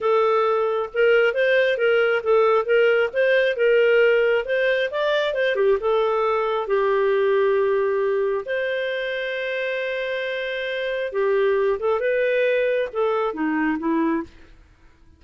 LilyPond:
\new Staff \with { instrumentName = "clarinet" } { \time 4/4 \tempo 4 = 135 a'2 ais'4 c''4 | ais'4 a'4 ais'4 c''4 | ais'2 c''4 d''4 | c''8 g'8 a'2 g'4~ |
g'2. c''4~ | c''1~ | c''4 g'4. a'8 b'4~ | b'4 a'4 dis'4 e'4 | }